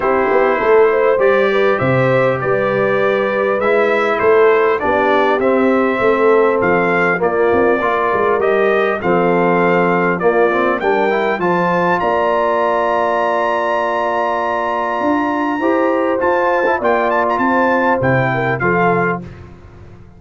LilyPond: <<
  \new Staff \with { instrumentName = "trumpet" } { \time 4/4 \tempo 4 = 100 c''2 d''4 e''4 | d''2 e''4 c''4 | d''4 e''2 f''4 | d''2 dis''4 f''4~ |
f''4 d''4 g''4 a''4 | ais''1~ | ais''2. a''4 | g''8 a''16 ais''16 a''4 g''4 f''4 | }
  \new Staff \with { instrumentName = "horn" } { \time 4/4 g'4 a'8 c''4 b'8 c''4 | b'2. a'4 | g'2 a'2 | f'4 ais'2 a'4~ |
a'4 f'4 ais'4 c''4 | d''1~ | d''2 c''2 | d''4 c''4. ais'8 a'4 | }
  \new Staff \with { instrumentName = "trombone" } { \time 4/4 e'2 g'2~ | g'2 e'2 | d'4 c'2. | ais4 f'4 g'4 c'4~ |
c'4 ais8 c'8 d'8 e'8 f'4~ | f'1~ | f'2 g'4 f'8. e'16 | f'2 e'4 f'4 | }
  \new Staff \with { instrumentName = "tuba" } { \time 4/4 c'8 b8 a4 g4 c4 | g2 gis4 a4 | b4 c'4 a4 f4 | ais8 c'8 ais8 gis8 g4 f4~ |
f4 ais4 g4 f4 | ais1~ | ais4 d'4 e'4 f'4 | ais4 c'4 c4 f4 | }
>>